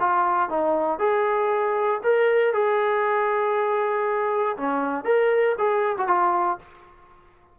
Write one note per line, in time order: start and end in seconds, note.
0.00 0.49 F4
0.49 0.99 D#4
0.99 2.01 G#4
2.03 2.53 A#4
2.53 4.56 G#4
4.57 5.05 C#4
5.05 5.55 A#4
5.58 5.96 G#4
5.97 6.08 F#4
6.08 6.58 F4